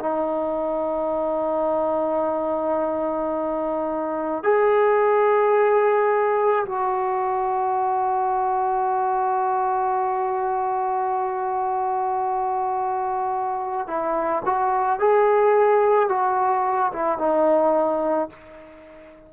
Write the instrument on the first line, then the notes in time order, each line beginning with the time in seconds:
trombone
0.00 D#4
4.43 G#4
6.66 F#4
13.88 E4
14.46 F#4
14.99 G#4
16.09 F#4
16.93 E4
17.19 D#4